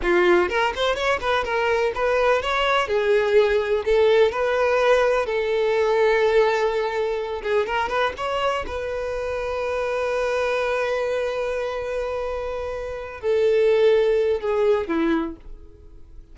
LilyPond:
\new Staff \with { instrumentName = "violin" } { \time 4/4 \tempo 4 = 125 f'4 ais'8 c''8 cis''8 b'8 ais'4 | b'4 cis''4 gis'2 | a'4 b'2 a'4~ | a'2.~ a'8 gis'8 |
ais'8 b'8 cis''4 b'2~ | b'1~ | b'2.~ b'8 a'8~ | a'2 gis'4 e'4 | }